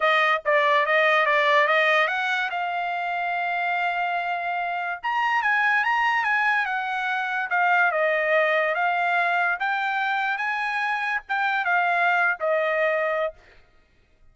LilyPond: \new Staff \with { instrumentName = "trumpet" } { \time 4/4 \tempo 4 = 144 dis''4 d''4 dis''4 d''4 | dis''4 fis''4 f''2~ | f''1 | ais''4 gis''4 ais''4 gis''4 |
fis''2 f''4 dis''4~ | dis''4 f''2 g''4~ | g''4 gis''2 g''4 | f''4.~ f''16 dis''2~ dis''16 | }